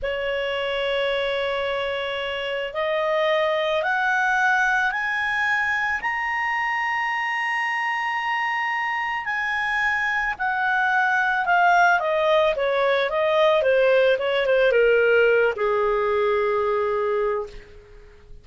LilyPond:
\new Staff \with { instrumentName = "clarinet" } { \time 4/4 \tempo 4 = 110 cis''1~ | cis''4 dis''2 fis''4~ | fis''4 gis''2 ais''4~ | ais''1~ |
ais''4 gis''2 fis''4~ | fis''4 f''4 dis''4 cis''4 | dis''4 c''4 cis''8 c''8 ais'4~ | ais'8 gis'2.~ gis'8 | }